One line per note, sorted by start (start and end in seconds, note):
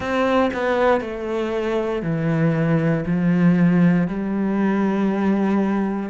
0.00 0.50 C4
0.53 1.00 B3
1.00 2.02 A3
2.02 3.04 E3
3.06 4.07 F3
4.07 6.09 G3